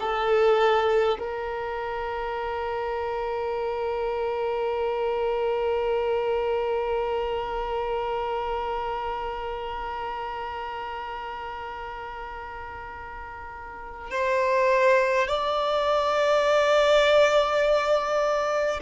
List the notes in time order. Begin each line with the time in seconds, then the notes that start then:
0.00 A4
1.19 A#4
14.11 C5
15.28 D5